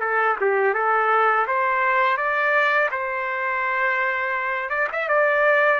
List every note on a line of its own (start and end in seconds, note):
0.00 0.36 A4
0.40 0.74 G4
0.74 1.46 A4
1.47 2.17 C5
2.17 2.89 D5
2.91 4.70 C5
4.70 4.88 D5
4.92 5.08 E5
5.08 5.80 D5